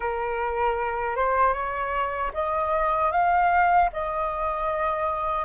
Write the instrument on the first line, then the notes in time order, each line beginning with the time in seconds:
flute
0.00 A#4
1.15 C5
1.53 C#5
2.33 D#5
3.11 F5
3.92 D#5